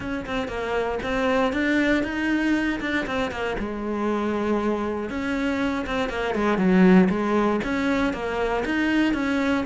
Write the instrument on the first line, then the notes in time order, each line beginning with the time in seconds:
cello
0.00 C#4
0.26 C4
0.48 A#3
1.03 C4
1.53 D4
2.03 D#4
2.80 D4
3.06 C4
3.31 A#3
3.58 G#3
5.09 C#4
5.86 C4
6.09 A#3
6.34 G#3
6.57 F#3
7.09 G#3
7.64 C#4
8.13 A#3
8.65 D#4
9.13 C#4